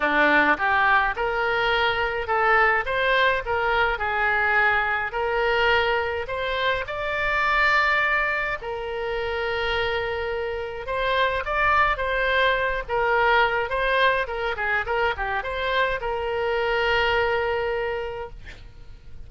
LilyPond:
\new Staff \with { instrumentName = "oboe" } { \time 4/4 \tempo 4 = 105 d'4 g'4 ais'2 | a'4 c''4 ais'4 gis'4~ | gis'4 ais'2 c''4 | d''2. ais'4~ |
ais'2. c''4 | d''4 c''4. ais'4. | c''4 ais'8 gis'8 ais'8 g'8 c''4 | ais'1 | }